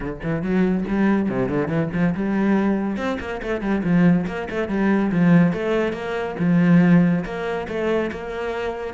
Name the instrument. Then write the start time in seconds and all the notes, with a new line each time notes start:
cello
0.00 D3
0.23 E3
0.42 F#3
0.88 G3
1.29 C3
1.48 D3
1.68 E3
1.93 F3
2.14 G3
2.97 C4
3.20 A#3
3.42 A3
3.61 G3
3.83 F3
4.27 A#3
4.50 A3
4.68 G3
5.11 F3
5.52 A3
5.92 A#3
6.39 F3
7.24 A#3
7.68 A3
8.11 A#3